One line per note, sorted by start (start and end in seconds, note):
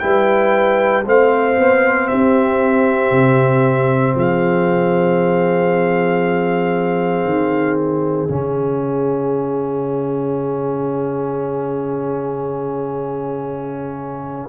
0.00 1.06 G3
0.00 1.04 E4
0.00 1.05 B4
0.00 1.03 G5
1.05 1.58 A3
1.05 8.29 C4
1.05 2.09 C5
1.05 2.08 F5
1.59 2.11 B3
2.08 3.11 C4
2.08 4.16 G4
2.08 4.15 E5
3.11 4.15 C3
4.15 7.25 F3
4.15 14.50 G#4
4.15 7.78 F5
7.25 8.28 D#3
7.78 14.50 E5
8.29 14.50 C#3
8.29 14.50 C#4